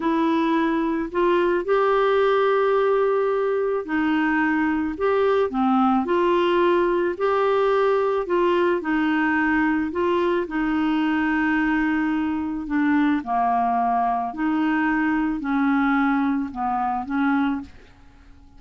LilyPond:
\new Staff \with { instrumentName = "clarinet" } { \time 4/4 \tempo 4 = 109 e'2 f'4 g'4~ | g'2. dis'4~ | dis'4 g'4 c'4 f'4~ | f'4 g'2 f'4 |
dis'2 f'4 dis'4~ | dis'2. d'4 | ais2 dis'2 | cis'2 b4 cis'4 | }